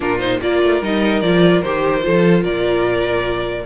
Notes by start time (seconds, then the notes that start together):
0.00 A#2 D4 F4 A#4
0.19 D#4 C5
0.41 A#3 F4 A#4 D5
0.62 A3
0.81 G3 D#4 D#5
1.21 F3 F4 D5
1.61 D#3 G4 C5
2.00 F4 A4
2.07 F3
2.42 A#2 A#4 D5